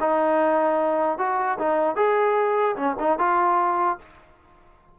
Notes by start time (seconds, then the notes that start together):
0.00 D#4
1.18 F#4
1.59 D#4
1.96 G#4
2.76 C#4
2.99 D#4
3.19 F4